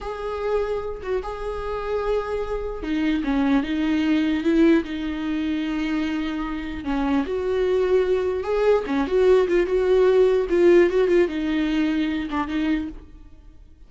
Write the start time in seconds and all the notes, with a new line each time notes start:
0.00 G#4
1.02 F#4
1.22 G#4
2.82 D#4
3.23 C#4
3.63 D#4
4.43 E4
4.84 D#4
6.84 C#4
7.26 F#4
8.43 G#4
8.87 C#4
9.07 F#4
9.47 F4
9.66 F#4
10.49 F4
10.90 F#4
11.08 F4
11.28 D#4
12.30 D4
12.47 D#4